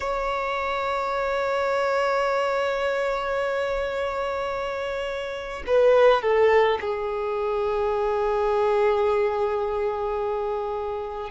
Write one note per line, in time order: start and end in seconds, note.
0.00 5.63 C#5
5.66 6.22 B4
6.22 6.78 A4
6.80 11.30 G#4